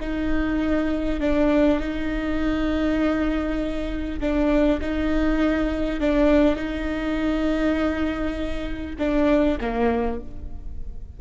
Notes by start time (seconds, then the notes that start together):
0.00 D#4
1.20 D4
1.79 D#4
4.20 D4
4.81 D#4
6.00 D4
6.55 D#4
8.98 D4
9.61 A#3